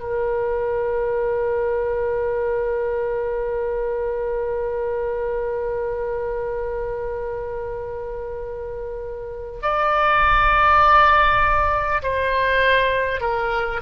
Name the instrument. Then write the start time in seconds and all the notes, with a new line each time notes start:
oboe
0.00 A#4
9.63 D5
12.03 C5
13.21 A#4